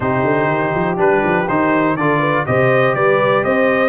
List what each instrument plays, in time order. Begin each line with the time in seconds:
0.00 tuba C3, trombone D#4, horn G4, trumpet C5
0.23 tuba D3
0.47 tuba D#3
0.75 tuba F3
0.96 tuba G3, trombone D4, trumpet B4
1.23 tuba F3
1.48 tuba D#3, trombone D#4, trumpet C5
1.96 tuba D3, trombone F4, horn A4, trumpet D5
2.19 horn B4
2.45 tuba C3, trombone G4, horn C5, trumpet D#5
2.94 tuba G3, horn B4, trumpet D5
3.43 tuba C4, horn C5, trumpet D#5